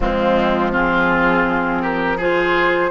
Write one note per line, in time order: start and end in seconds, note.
0.00 2.90 F3
0.00 0.72 G#3
0.00 0.72 C4
0.00 0.72 F4
0.72 2.18 C4
0.72 1.81 F4
0.72 1.82 G#4
1.82 2.17 G4
1.82 2.19 A#4
2.17 2.90 F4
2.17 2.90 G#4
2.17 2.90 C5